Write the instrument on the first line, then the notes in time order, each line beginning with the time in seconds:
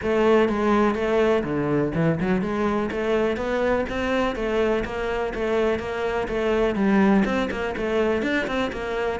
cello
0.02 A3
0.48 G#3
0.94 A3
1.43 D3
1.94 E3
2.20 F#3
2.41 G#3
2.91 A3
3.36 B3
3.89 C4
4.35 A3
4.84 A#3
5.34 A3
5.79 A#3
6.28 A3
6.75 G3
7.25 C4
7.50 A#3
7.76 A3
8.22 D4
8.47 C4
8.72 A#3